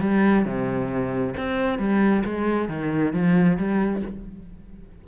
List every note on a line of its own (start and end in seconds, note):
0.00 0.45 G3
0.45 1.34 C3
1.37 1.78 C4
1.78 2.23 G3
2.25 2.68 G#3
2.68 3.13 D#3
3.13 3.57 F3
3.57 4.02 G3